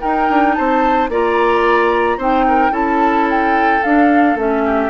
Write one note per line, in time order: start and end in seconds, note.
0.00 1.10 D#4
0.00 0.29 D#4
0.00 0.55 A#4
0.00 0.54 G5
0.29 0.57 D4
0.54 1.09 C4
0.54 1.10 C5
0.54 1.08 A5
1.09 2.17 A#3
1.09 2.19 F4
1.09 2.17 D5
1.09 2.21 A#5
2.17 2.71 C4
2.17 2.71 D#4
2.17 2.45 C5
2.17 2.74 G5
2.47 2.71 A#4
2.71 3.80 C#4
2.71 3.80 E4
2.71 4.62 A4
2.71 3.28 A5
3.30 3.83 G5
3.83 4.35 D4
3.83 4.37 D4
3.83 4.37 F5
4.35 4.89 A3
4.35 4.90 C#4
4.35 4.90 E5
4.65 4.90 G4